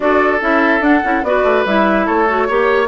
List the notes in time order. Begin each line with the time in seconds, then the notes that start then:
0.00 D4 F#4 A4 D5
0.41 C#4 E4 E5
0.80 D4 F#5
1.03 C#4 E4
1.22 B3 F#4 B4 D5
1.43 A3
1.65 G3 E4 E5
2.06 A3 A4 C#5
2.28 F#4
2.48 A#3 G4 C#5